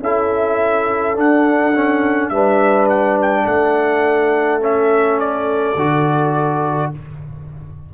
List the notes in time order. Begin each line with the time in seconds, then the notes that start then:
0.00 C#4 E4 A4 E5
1.15 D4 F#5
1.76 C#4
2.29 G3 D4 B4 E5
2.90 F#5
3.22 G5
3.45 A3 A4 F#5
4.61 C#4 E5
5.20 D5
5.76 D3 F#4